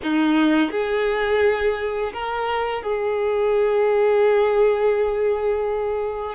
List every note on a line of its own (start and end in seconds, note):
0.02 0.71 D#4
0.71 2.12 G#4
2.13 2.82 A#4
2.82 6.35 G#4